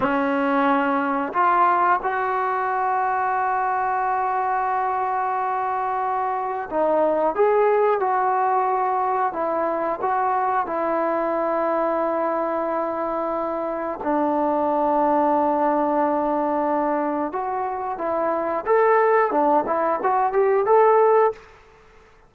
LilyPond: \new Staff \with { instrumentName = "trombone" } { \time 4/4 \tempo 4 = 90 cis'2 f'4 fis'4~ | fis'1~ | fis'2 dis'4 gis'4 | fis'2 e'4 fis'4 |
e'1~ | e'4 d'2.~ | d'2 fis'4 e'4 | a'4 d'8 e'8 fis'8 g'8 a'4 | }